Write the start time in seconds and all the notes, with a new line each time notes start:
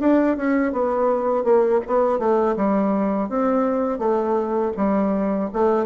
0.00 D4
0.37 C#4
0.72 B3
1.44 A#3
1.87 B3
2.19 A3
2.56 G3
3.29 C4
3.99 A3
4.77 G3
5.53 A3